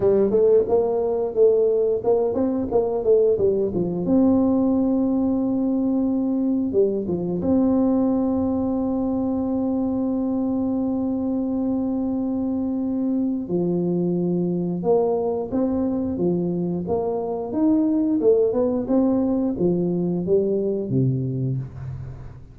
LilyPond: \new Staff \with { instrumentName = "tuba" } { \time 4/4 \tempo 4 = 89 g8 a8 ais4 a4 ais8 c'8 | ais8 a8 g8 f8 c'2~ | c'2 g8 f8 c'4~ | c'1~ |
c'1 | f2 ais4 c'4 | f4 ais4 dis'4 a8 b8 | c'4 f4 g4 c4 | }